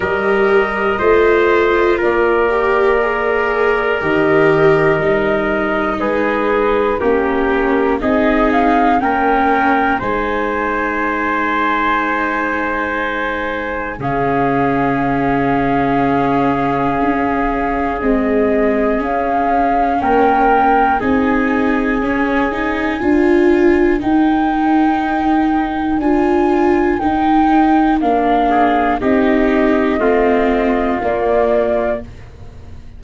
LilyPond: <<
  \new Staff \with { instrumentName = "flute" } { \time 4/4 \tempo 4 = 60 dis''2 d''2 | dis''2 b'4 ais'4 | dis''8 f''8 g''4 gis''2~ | gis''2 f''2~ |
f''2 dis''4 f''4 | g''4 gis''2. | g''2 gis''4 g''4 | f''4 dis''2 d''4 | }
  \new Staff \with { instrumentName = "trumpet" } { \time 4/4 ais'4 c''4 ais'2~ | ais'2 gis'4 g'4 | gis'4 ais'4 c''2~ | c''2 gis'2~ |
gis'1 | ais'4 gis'2 ais'4~ | ais'1~ | ais'8 gis'8 g'4 f'2 | }
  \new Staff \with { instrumentName = "viola" } { \time 4/4 g'4 f'4. g'8 gis'4 | g'4 dis'2 cis'4 | dis'4 cis'4 dis'2~ | dis'2 cis'2~ |
cis'2 gis4 cis'4~ | cis'4 dis'4 cis'8 dis'8 f'4 | dis'2 f'4 dis'4 | d'4 dis'4 c'4 ais4 | }
  \new Staff \with { instrumentName = "tuba" } { \time 4/4 g4 a4 ais2 | dis4 g4 gis4 ais4 | c'4 ais4 gis2~ | gis2 cis2~ |
cis4 cis'4 c'4 cis'4 | ais4 c'4 cis'4 d'4 | dis'2 d'4 dis'4 | ais4 c'4 a4 ais4 | }
>>